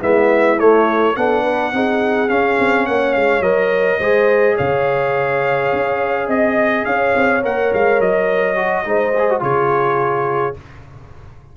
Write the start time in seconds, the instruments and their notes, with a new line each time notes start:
0.00 tuba G#3, trombone B3, horn E4, trumpet E5
0.59 tuba A3, trombone A3, trumpet C#5
1.16 tuba B3, trombone D4, horn A4, trumpet F#5
1.43 horn B4
1.72 tuba C4, trombone D#4, horn G#4
2.28 trombone C#4, tuba C#4, trumpet F5
2.59 tuba C4
2.86 tuba A#3, horn C#5, trumpet F#5
3.14 tuba G#3, trumpet F5
3.40 tuba F#3, trombone A#4, trumpet D#5
3.98 tuba G#3, trombone G#4, horn C5
4.56 tuba C#3, horn C#5, trumpet F5
5.72 tuba C#4
6.27 tuba C4, horn D#5, trumpet D#5
6.85 tuba C#4, horn C#5, trumpet F5
7.15 tuba C4
7.42 tuba A#3, trombone A#4, trumpet F#5
7.73 tuba G#3, trumpet F5
8.00 tuba F#3, trumpet D#5
8.55 trombone F#4
8.84 tuba G#3, trombone D#4, horn C5
9.18 trombone G#4
9.30 trombone F#4
9.39 tuba C#3, trombone F4, horn G#4, trumpet C#5